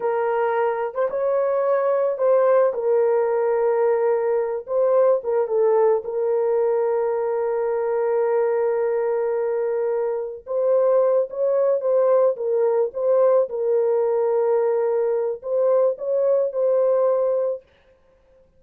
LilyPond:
\new Staff \with { instrumentName = "horn" } { \time 4/4 \tempo 4 = 109 ais'4.~ ais'16 c''16 cis''2 | c''4 ais'2.~ | ais'8 c''4 ais'8 a'4 ais'4~ | ais'1~ |
ais'2. c''4~ | c''8 cis''4 c''4 ais'4 c''8~ | c''8 ais'2.~ ais'8 | c''4 cis''4 c''2 | }